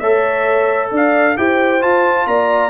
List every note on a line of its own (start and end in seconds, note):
0.00 0.91 A3
0.00 1.37 A4
0.00 0.91 C#5
0.00 0.90 E5
0.91 1.37 D4
0.91 1.37 D5
0.91 1.37 F5
1.37 1.83 E4
1.37 1.81 G4
1.37 2.28 C5
1.37 1.82 G5
1.81 2.70 F4
1.81 2.27 F4
1.81 2.27 A5
2.27 2.70 A#3
2.27 2.70 D5
2.27 2.70 A#5